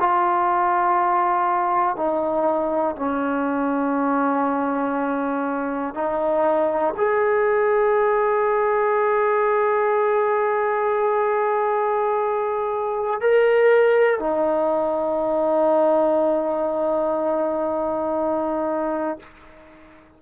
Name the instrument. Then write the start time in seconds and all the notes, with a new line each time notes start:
trombone
0.00 F4
1.97 D#4
2.96 C#4
5.95 D#4
6.97 G#4
13.21 A#4
14.20 D#4